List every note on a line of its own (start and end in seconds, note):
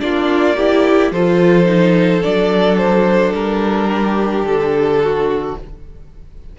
0.00 1.12 A#3
0.00 0.56 D4
0.00 0.57 F4
0.00 1.12 D5
0.57 1.14 E4
0.57 1.12 G4
1.12 2.23 F3
1.12 1.66 F4
1.12 3.91 A4
1.12 2.23 C5
1.66 2.21 D#4
2.23 3.34 F#3
2.23 5.56 D4
2.23 2.78 D5
2.78 3.33 C5
3.34 4.43 G3
3.34 4.46 A#4
3.92 5.03 G4
4.43 5.54 D3
4.43 5.57 A4
5.03 5.59 F#4